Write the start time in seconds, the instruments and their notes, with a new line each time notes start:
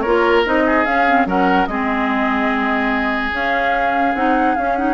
0.00 bassoon A#3, clarinet F4, oboe A#4, flute C#5
0.45 bassoon C4, clarinet D#4, flute D#5
0.66 oboe G#4
0.85 bassoon C#4, clarinet C#4, flute F5
1.08 clarinet C4
1.26 bassoon F#3, clarinet C#4, oboe A#4, flute F#5
1.66 bassoon G#3, clarinet C4, oboe G#4, flute D#5
3.32 clarinet C#4, bassoon C#4, flute F5
4.14 bassoon C4, clarinet D#4, flute F#5
4.55 bassoon C#4, clarinet C#4, flute F5
4.76 clarinet D#4, flute F#5